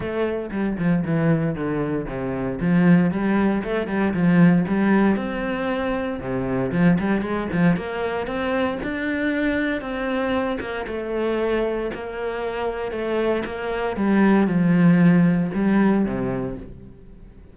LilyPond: \new Staff \with { instrumentName = "cello" } { \time 4/4 \tempo 4 = 116 a4 g8 f8 e4 d4 | c4 f4 g4 a8 g8 | f4 g4 c'2 | c4 f8 g8 gis8 f8 ais4 |
c'4 d'2 c'4~ | c'8 ais8 a2 ais4~ | ais4 a4 ais4 g4 | f2 g4 c4 | }